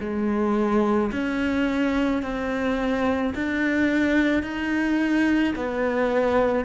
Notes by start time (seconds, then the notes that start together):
0.00 G#3
1.12 C#4
2.22 C4
3.35 D4
4.43 D#4
5.56 B3